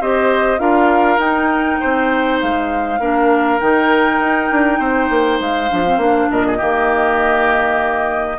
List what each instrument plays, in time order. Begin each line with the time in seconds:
0.00 bassoon C4, clarinet G4, oboe C5, flute D#5
0.58 bassoon D4, clarinet F4, oboe A#4, flute F5
1.18 bassoon D#4, clarinet D#4, flute G5
1.80 bassoon C4, oboe C5
2.40 bassoon G#3, flute F5
2.99 bassoon A#3, clarinet D4, oboe A#4
3.59 bassoon D#3, clarinet D#4, flute G5
4.19 bassoon D#4
4.51 bassoon D4
4.79 bassoon C4, oboe C5
5.09 bassoon A#3
5.40 bassoon G#3, flute F5
5.69 bassoon F3, clarinet D4
5.84 clarinet C4
5.96 bassoon A#3, clarinet D4
6.30 bassoon A#2, oboe A#4, flute D#5
6.46 oboe G#4
6.57 bassoon D#3, clarinet A#3, oboe G4